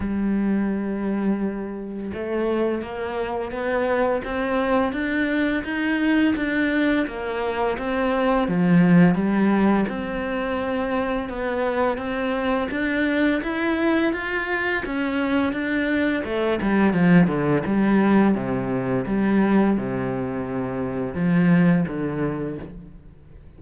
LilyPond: \new Staff \with { instrumentName = "cello" } { \time 4/4 \tempo 4 = 85 g2. a4 | ais4 b4 c'4 d'4 | dis'4 d'4 ais4 c'4 | f4 g4 c'2 |
b4 c'4 d'4 e'4 | f'4 cis'4 d'4 a8 g8 | f8 d8 g4 c4 g4 | c2 f4 d4 | }